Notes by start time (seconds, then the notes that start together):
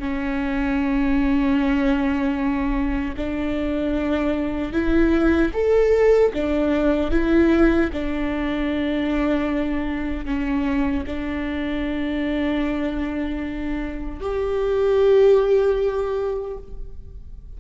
0.00 C#4
3.17 D4
4.73 E4
5.54 A4
6.34 D4
7.12 E4
7.93 D4
10.26 C#4
11.07 D4
14.21 G4